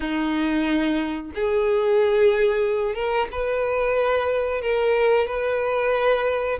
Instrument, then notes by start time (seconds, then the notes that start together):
violin
0.00 D#4
1.34 G#4
2.95 A#4
3.31 B4
4.61 A#4
5.27 B4